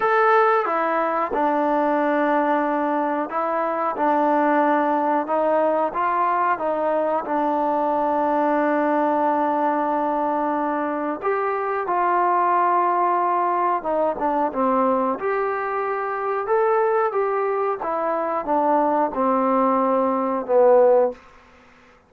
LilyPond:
\new Staff \with { instrumentName = "trombone" } { \time 4/4 \tempo 4 = 91 a'4 e'4 d'2~ | d'4 e'4 d'2 | dis'4 f'4 dis'4 d'4~ | d'1~ |
d'4 g'4 f'2~ | f'4 dis'8 d'8 c'4 g'4~ | g'4 a'4 g'4 e'4 | d'4 c'2 b4 | }